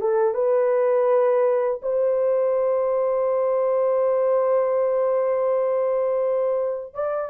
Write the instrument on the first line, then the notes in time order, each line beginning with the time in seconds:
horn
0.00 A4
0.34 B4
1.82 C5
6.94 D5